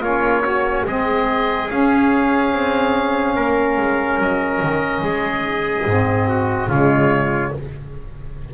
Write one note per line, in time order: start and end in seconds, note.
0.00 0.83 A#3
0.00 0.43 C#4
0.00 0.43 F4
0.00 0.86 C#5
0.43 0.86 C#4
0.43 0.85 F#4
0.86 1.69 G#3
0.86 1.69 C4
0.86 3.36 G#4
0.86 1.70 D#5
1.69 5.86 C#4
1.69 2.53 C#4
1.69 4.20 F5
2.53 3.36 C4
3.36 3.77 A#3
3.36 5.03 A#4
3.77 4.19 G#3
4.19 4.61 F#3
4.19 6.70 D#5
4.62 5.02 D#3
5.02 5.85 G#3
5.02 6.28 G#4
5.86 6.68 G#2
5.86 6.69 C4
6.28 6.69 F#4
6.68 7.52 C#3
6.68 7.53 G#3
6.68 7.53 F4
6.68 7.53 C#5